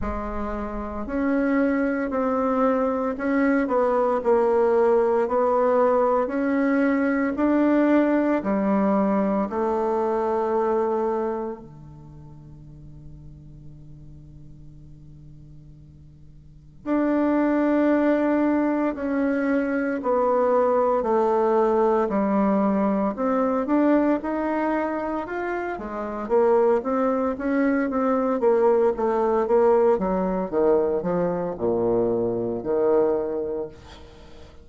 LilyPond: \new Staff \with { instrumentName = "bassoon" } { \time 4/4 \tempo 4 = 57 gis4 cis'4 c'4 cis'8 b8 | ais4 b4 cis'4 d'4 | g4 a2 d4~ | d1 |
d'2 cis'4 b4 | a4 g4 c'8 d'8 dis'4 | f'8 gis8 ais8 c'8 cis'8 c'8 ais8 a8 | ais8 fis8 dis8 f8 ais,4 dis4 | }